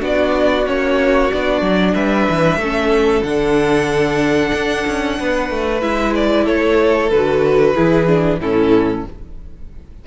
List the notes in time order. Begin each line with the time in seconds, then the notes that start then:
0.00 B3 D4 F#4 D5
0.67 A#3 C#4 C#5
1.31 B3 D4 D5
1.61 F#3
1.94 G3 B4 E5
2.29 E3
2.57 A3 C#4 A4
3.23 D3 D4 F#5
4.54 D4
4.87 C#4
5.19 B3 B4
5.50 A3
5.81 G#3 E4 E5
6.15 D5
6.44 A3 A4 C#5
7.10 D3 F#4 B4
7.75 E3 E4 G#4
8.07 D4
8.39 A2 C#4 E4 A4